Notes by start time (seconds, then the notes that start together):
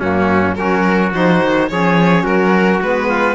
0.00 F#2 A#3 C#4 F#4
0.55 F#3 C#4 F#4 A#4
1.12 F3 D#4 C5
1.43 D#3
1.69 F3 C#4 G#4 C#5
2.23 F#3 F#4 A#4
2.81 G#3 B3 B4
3.08 F4